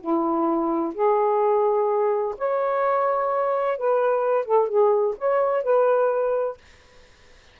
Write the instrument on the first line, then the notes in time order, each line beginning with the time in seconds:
saxophone
0.00 E4
0.94 G#4
2.38 C#5
3.78 B4
4.45 A4
4.68 G#4
5.18 C#5
5.64 B4